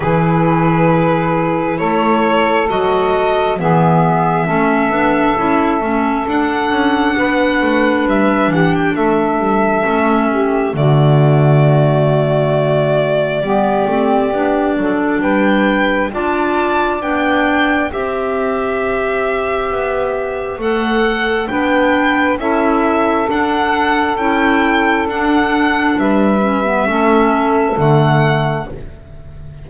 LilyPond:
<<
  \new Staff \with { instrumentName = "violin" } { \time 4/4 \tempo 4 = 67 b'2 cis''4 dis''4 | e''2. fis''4~ | fis''4 e''8 fis''16 g''16 e''2 | d''1~ |
d''4 g''4 a''4 g''4 | e''2. fis''4 | g''4 e''4 fis''4 g''4 | fis''4 e''2 fis''4 | }
  \new Staff \with { instrumentName = "saxophone" } { \time 4/4 gis'2 a'2 | gis'4 a'2. | b'4. g'8 a'4. g'8 | fis'2. g'4~ |
g'8 a'8 b'4 d''2 | c''1 | b'4 a'2.~ | a'4 b'4 a'2 | }
  \new Staff \with { instrumentName = "clarinet" } { \time 4/4 e'2. fis'4 | b4 cis'8 d'8 e'8 cis'8 d'4~ | d'2. cis'4 | a2. b8 c'8 |
d'2 f'4 d'4 | g'2. a'4 | d'4 e'4 d'4 e'4 | d'4. cis'16 b16 cis'4 a4 | }
  \new Staff \with { instrumentName = "double bass" } { \time 4/4 e2 a4 fis4 | e4 a8 b8 cis'8 a8 d'8 cis'8 | b8 a8 g8 e8 a8 g8 a4 | d2. g8 a8 |
b8 fis8 g4 d'4 b4 | c'2 b4 a4 | b4 cis'4 d'4 cis'4 | d'4 g4 a4 d4 | }
>>